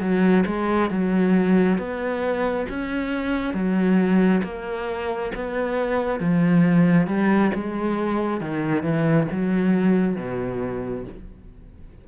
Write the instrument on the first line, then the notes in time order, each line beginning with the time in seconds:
cello
0.00 F#3
0.46 G#3
0.90 F#3
1.78 B3
2.70 C#4
3.54 F#3
4.44 A#3
5.35 B3
6.20 F3
7.07 G3
7.54 G#3
8.40 D#3
8.83 E3
9.32 F#3
10.16 B2